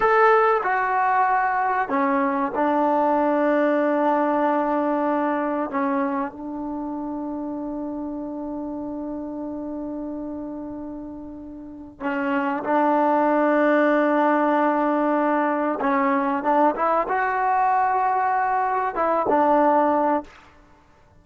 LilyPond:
\new Staff \with { instrumentName = "trombone" } { \time 4/4 \tempo 4 = 95 a'4 fis'2 cis'4 | d'1~ | d'4 cis'4 d'2~ | d'1~ |
d'2. cis'4 | d'1~ | d'4 cis'4 d'8 e'8 fis'4~ | fis'2 e'8 d'4. | }